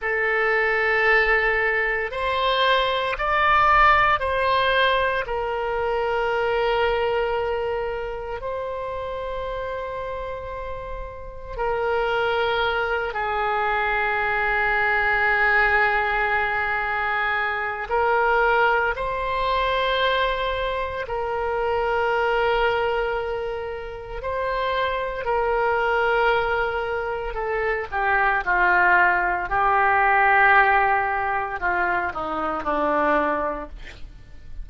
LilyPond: \new Staff \with { instrumentName = "oboe" } { \time 4/4 \tempo 4 = 57 a'2 c''4 d''4 | c''4 ais'2. | c''2. ais'4~ | ais'8 gis'2.~ gis'8~ |
gis'4 ais'4 c''2 | ais'2. c''4 | ais'2 a'8 g'8 f'4 | g'2 f'8 dis'8 d'4 | }